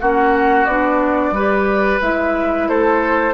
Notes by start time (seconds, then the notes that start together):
0.00 A#3 C#4 F#4 F#5
0.65 B3 D4 D5
1.31 G3 G4 B4
2.01 G#3 E4 E5
2.69 A3 A4 C5